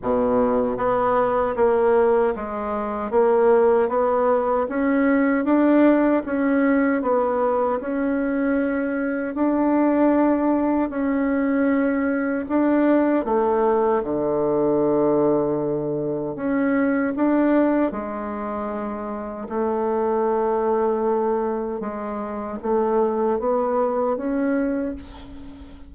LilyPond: \new Staff \with { instrumentName = "bassoon" } { \time 4/4 \tempo 4 = 77 b,4 b4 ais4 gis4 | ais4 b4 cis'4 d'4 | cis'4 b4 cis'2 | d'2 cis'2 |
d'4 a4 d2~ | d4 cis'4 d'4 gis4~ | gis4 a2. | gis4 a4 b4 cis'4 | }